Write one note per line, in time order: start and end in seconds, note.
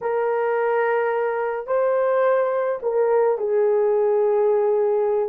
0.01 1.66 A#4
1.66 2.79 C5
2.82 3.38 A#4
3.38 5.29 G#4